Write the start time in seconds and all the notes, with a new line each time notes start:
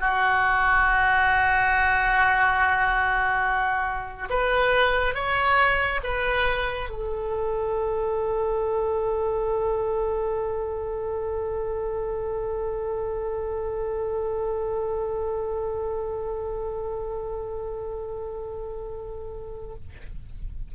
0.00 F#4
4.30 B4
5.15 C#5
6.04 B4
6.89 A4